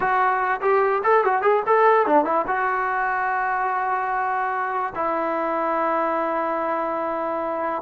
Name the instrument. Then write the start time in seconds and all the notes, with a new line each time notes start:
trombone
0.00 F#4
0.61 G4
1.03 A4
1.24 F#4
1.42 G#4
1.66 A4
2.06 D4
2.24 E4
2.47 F#4
4.95 E4